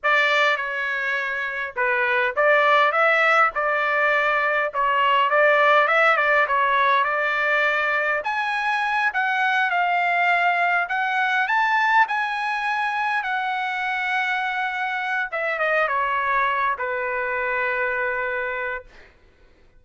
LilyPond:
\new Staff \with { instrumentName = "trumpet" } { \time 4/4 \tempo 4 = 102 d''4 cis''2 b'4 | d''4 e''4 d''2 | cis''4 d''4 e''8 d''8 cis''4 | d''2 gis''4. fis''8~ |
fis''8 f''2 fis''4 a''8~ | a''8 gis''2 fis''4.~ | fis''2 e''8 dis''8 cis''4~ | cis''8 b'2.~ b'8 | }